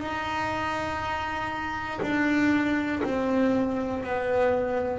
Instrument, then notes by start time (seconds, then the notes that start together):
double bass
0.00 D#4
2.02 D4
3.03 C4
4.03 B3